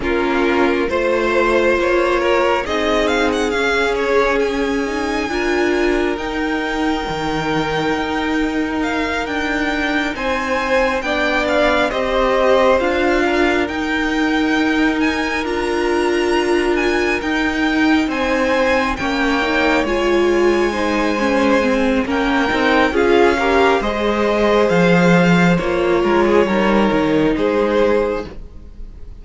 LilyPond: <<
  \new Staff \with { instrumentName = "violin" } { \time 4/4 \tempo 4 = 68 ais'4 c''4 cis''4 dis''8 f''16 fis''16 | f''8 cis''8 gis''2 g''4~ | g''2 f''8 g''4 gis''8~ | gis''8 g''8 f''8 dis''4 f''4 g''8~ |
g''4 gis''8 ais''4. gis''8 g''8~ | g''8 gis''4 g''4 gis''4.~ | gis''4 g''4 f''4 dis''4 | f''4 cis''2 c''4 | }
  \new Staff \with { instrumentName = "violin" } { \time 4/4 f'4 c''4. ais'8 gis'4~ | gis'2 ais'2~ | ais'2.~ ais'8 c''8~ | c''8 d''4 c''4. ais'4~ |
ais'1~ | ais'8 c''4 cis''2 c''8~ | c''4 ais'4 gis'8 ais'8 c''4~ | c''4. ais'16 gis'16 ais'4 gis'4 | }
  \new Staff \with { instrumentName = "viola" } { \time 4/4 cis'4 f'2 dis'4 | cis'4. dis'8 f'4 dis'4~ | dis'1~ | dis'8 d'4 g'4 f'4 dis'8~ |
dis'4. f'2 dis'8~ | dis'4. cis'8 dis'8 f'4 dis'8 | cis'8 c'8 cis'8 dis'8 f'8 g'8 gis'4~ | gis'4 f'4 dis'2 | }
  \new Staff \with { instrumentName = "cello" } { \time 4/4 ais4 a4 ais4 c'4 | cis'2 d'4 dis'4 | dis4 dis'4. d'4 c'8~ | c'8 b4 c'4 d'4 dis'8~ |
dis'4. d'2 dis'8~ | dis'8 c'4 ais4 gis4.~ | gis4 ais8 c'8 cis'4 gis4 | f4 ais8 gis8 g8 dis8 gis4 | }
>>